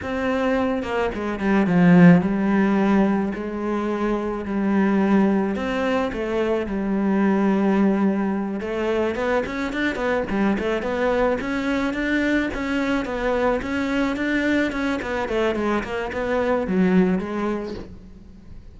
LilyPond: \new Staff \with { instrumentName = "cello" } { \time 4/4 \tempo 4 = 108 c'4. ais8 gis8 g8 f4 | g2 gis2 | g2 c'4 a4 | g2.~ g8 a8~ |
a8 b8 cis'8 d'8 b8 g8 a8 b8~ | b8 cis'4 d'4 cis'4 b8~ | b8 cis'4 d'4 cis'8 b8 a8 | gis8 ais8 b4 fis4 gis4 | }